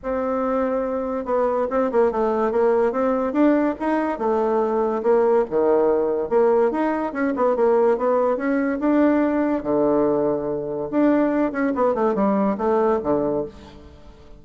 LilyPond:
\new Staff \with { instrumentName = "bassoon" } { \time 4/4 \tempo 4 = 143 c'2. b4 | c'8 ais8 a4 ais4 c'4 | d'4 dis'4 a2 | ais4 dis2 ais4 |
dis'4 cis'8 b8 ais4 b4 | cis'4 d'2 d4~ | d2 d'4. cis'8 | b8 a8 g4 a4 d4 | }